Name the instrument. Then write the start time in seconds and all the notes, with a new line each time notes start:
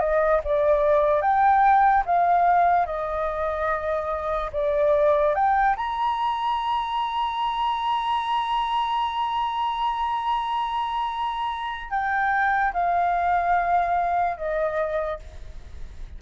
flute
0.00 D#5
0.44 D5
1.22 G5
2.06 F5
2.86 D#5
4.53 D5
5.35 G5
5.77 A#5
11.91 G5
12.74 F5
14.38 D#5